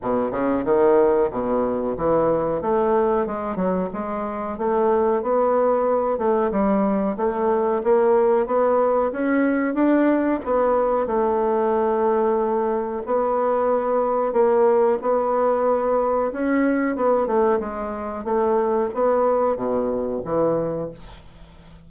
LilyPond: \new Staff \with { instrumentName = "bassoon" } { \time 4/4 \tempo 4 = 92 b,8 cis8 dis4 b,4 e4 | a4 gis8 fis8 gis4 a4 | b4. a8 g4 a4 | ais4 b4 cis'4 d'4 |
b4 a2. | b2 ais4 b4~ | b4 cis'4 b8 a8 gis4 | a4 b4 b,4 e4 | }